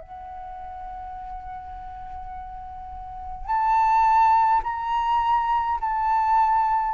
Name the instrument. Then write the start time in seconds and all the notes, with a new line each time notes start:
flute
0.00 F#5
3.46 A5
4.63 A#5
5.81 A5